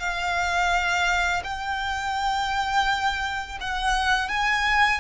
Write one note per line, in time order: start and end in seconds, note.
0.00 1.43 F5
1.44 3.58 G5
3.61 4.29 F#5
4.29 5.00 G#5